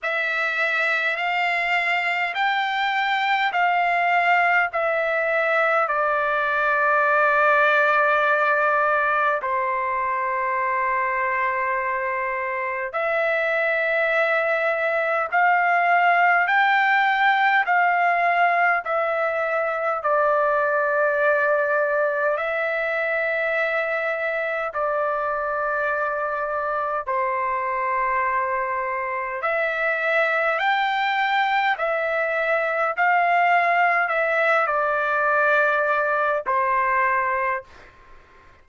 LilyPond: \new Staff \with { instrumentName = "trumpet" } { \time 4/4 \tempo 4 = 51 e''4 f''4 g''4 f''4 | e''4 d''2. | c''2. e''4~ | e''4 f''4 g''4 f''4 |
e''4 d''2 e''4~ | e''4 d''2 c''4~ | c''4 e''4 g''4 e''4 | f''4 e''8 d''4. c''4 | }